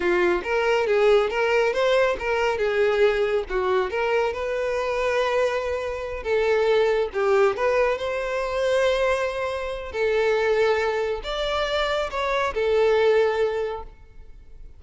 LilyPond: \new Staff \with { instrumentName = "violin" } { \time 4/4 \tempo 4 = 139 f'4 ais'4 gis'4 ais'4 | c''4 ais'4 gis'2 | fis'4 ais'4 b'2~ | b'2~ b'8 a'4.~ |
a'8 g'4 b'4 c''4.~ | c''2. a'4~ | a'2 d''2 | cis''4 a'2. | }